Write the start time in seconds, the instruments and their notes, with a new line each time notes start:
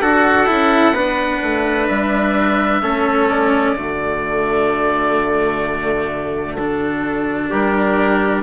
0.00 bassoon D4, cello F#4, trumpet A4, oboe F#5
0.47 bassoon C#4, cello E4
0.93 bassoon B3, cello D4, trumpet B4
1.43 bassoon A3
1.88 bassoon G3, oboe E5
2.82 bassoon A3, cello C#4, trumpet A4
3.30 oboe D5
3.74 bassoon D3, cello A3, trumpet F#4
6.55 cello D4, oboe A4
7.50 bassoon G3, trumpet G4, oboe A#4